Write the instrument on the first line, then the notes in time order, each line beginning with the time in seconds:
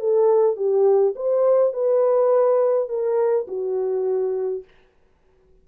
horn
0.00 A4
0.57 G4
1.16 C5
1.73 B4
2.89 A#4
3.48 F#4